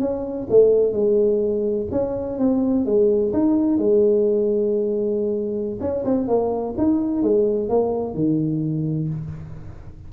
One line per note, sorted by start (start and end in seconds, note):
0.00 0.47 C#4
0.50 0.92 A3
0.92 1.87 G#3
1.91 2.39 C#4
2.39 2.85 C4
2.85 3.33 G#3
3.33 3.78 D#4
3.78 5.79 G#3
5.80 6.04 C#4
6.05 6.28 C4
6.28 6.75 A#3
6.78 7.23 D#4
7.23 7.69 G#3
7.69 8.14 A#3
8.14 9.09 D#3